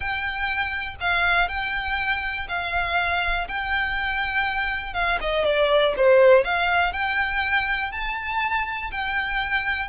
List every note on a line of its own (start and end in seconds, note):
0.00 0.95 G5
1.00 1.48 F5
1.48 2.47 G5
2.48 3.47 F5
3.48 4.93 G5
4.93 5.18 F5
5.20 5.44 D#5
5.44 5.94 D5
5.97 6.44 C5
6.44 6.92 F5
6.92 7.91 G5
7.91 8.90 A5
8.91 9.89 G5